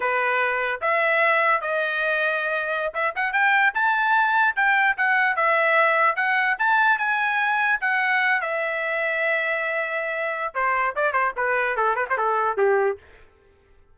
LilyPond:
\new Staff \with { instrumentName = "trumpet" } { \time 4/4 \tempo 4 = 148 b'2 e''2 | dis''2.~ dis''16 e''8 fis''16~ | fis''16 g''4 a''2 g''8.~ | g''16 fis''4 e''2 fis''8.~ |
fis''16 a''4 gis''2 fis''8.~ | fis''8. e''2.~ e''16~ | e''2 c''4 d''8 c''8 | b'4 a'8 b'16 c''16 a'4 g'4 | }